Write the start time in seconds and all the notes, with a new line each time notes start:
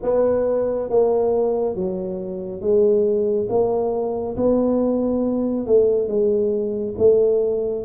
0.02 B3
0.89 A#3
1.75 F#3
2.60 G#3
3.49 A#3
4.36 B3
5.66 A3
6.08 G#3
6.98 A3